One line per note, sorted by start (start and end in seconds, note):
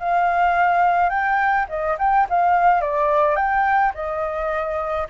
0.00 1.10 F5
1.10 1.66 G5
1.69 1.97 D#5
1.99 2.27 G5
2.30 2.81 F5
2.81 3.36 D5
3.36 3.92 G5
3.94 5.08 D#5